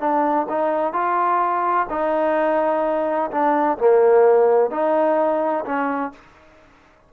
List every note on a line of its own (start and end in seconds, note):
0.00 0.47 D4
0.49 0.93 D#4
0.93 1.87 F4
1.90 3.31 D#4
3.31 3.78 D4
3.79 4.71 A#3
4.71 5.65 D#4
5.66 6.13 C#4